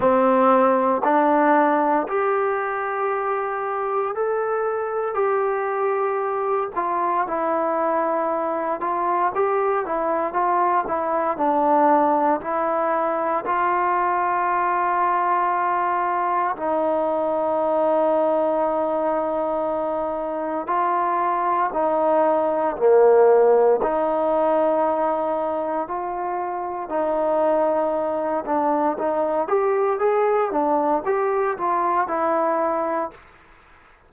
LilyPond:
\new Staff \with { instrumentName = "trombone" } { \time 4/4 \tempo 4 = 58 c'4 d'4 g'2 | a'4 g'4. f'8 e'4~ | e'8 f'8 g'8 e'8 f'8 e'8 d'4 | e'4 f'2. |
dis'1 | f'4 dis'4 ais4 dis'4~ | dis'4 f'4 dis'4. d'8 | dis'8 g'8 gis'8 d'8 g'8 f'8 e'4 | }